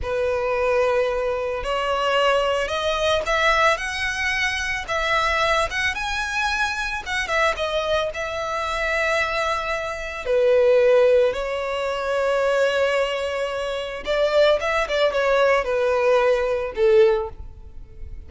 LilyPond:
\new Staff \with { instrumentName = "violin" } { \time 4/4 \tempo 4 = 111 b'2. cis''4~ | cis''4 dis''4 e''4 fis''4~ | fis''4 e''4. fis''8 gis''4~ | gis''4 fis''8 e''8 dis''4 e''4~ |
e''2. b'4~ | b'4 cis''2.~ | cis''2 d''4 e''8 d''8 | cis''4 b'2 a'4 | }